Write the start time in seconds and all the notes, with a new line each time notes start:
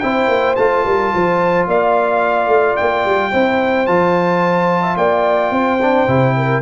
0.00 C4 E4 C5 G5
0.29 A#3
0.56 A3 F4 A5
0.86 G3 A#4
1.14 F3 C5
1.68 A#3 D5 F5
2.48 A3
2.77 A#3 G5
3.06 G3
3.32 C4 E4 C5
3.87 F3 F4 A5
4.83 E5
4.97 A#3 D5 G5
5.51 C4 C5
5.82 D4
6.08 C3 E4
6.37 A#4